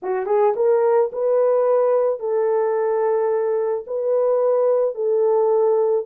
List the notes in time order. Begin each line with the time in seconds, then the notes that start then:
0.02 F#4
0.26 G#4
0.56 A#4
1.12 B4
2.19 A4
3.86 B4
4.94 A4